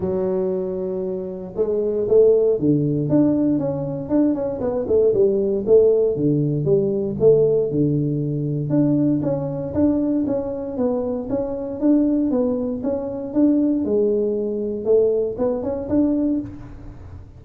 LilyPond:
\new Staff \with { instrumentName = "tuba" } { \time 4/4 \tempo 4 = 117 fis2. gis4 | a4 d4 d'4 cis'4 | d'8 cis'8 b8 a8 g4 a4 | d4 g4 a4 d4~ |
d4 d'4 cis'4 d'4 | cis'4 b4 cis'4 d'4 | b4 cis'4 d'4 gis4~ | gis4 a4 b8 cis'8 d'4 | }